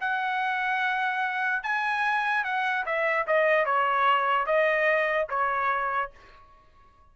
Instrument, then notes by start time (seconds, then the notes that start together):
trumpet
0.00 F#5
1.63 G#5
2.44 F#5
2.86 E5
3.27 D#5
3.65 C#5
4.46 D#5
5.29 C#5